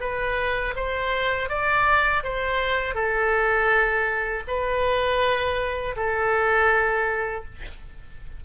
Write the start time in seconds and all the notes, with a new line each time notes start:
0.00 B4
0.76 C5
1.49 D5
2.23 C5
2.95 A4
4.47 B4
5.96 A4